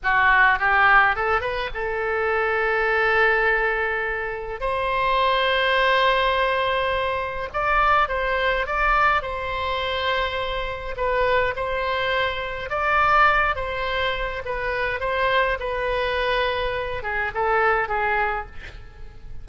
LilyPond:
\new Staff \with { instrumentName = "oboe" } { \time 4/4 \tempo 4 = 104 fis'4 g'4 a'8 b'8 a'4~ | a'1 | c''1~ | c''4 d''4 c''4 d''4 |
c''2. b'4 | c''2 d''4. c''8~ | c''4 b'4 c''4 b'4~ | b'4. gis'8 a'4 gis'4 | }